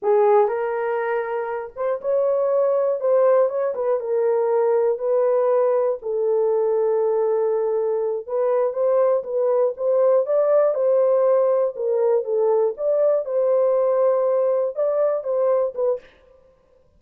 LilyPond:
\new Staff \with { instrumentName = "horn" } { \time 4/4 \tempo 4 = 120 gis'4 ais'2~ ais'8 c''8 | cis''2 c''4 cis''8 b'8 | ais'2 b'2 | a'1~ |
a'8 b'4 c''4 b'4 c''8~ | c''8 d''4 c''2 ais'8~ | ais'8 a'4 d''4 c''4.~ | c''4. d''4 c''4 b'8 | }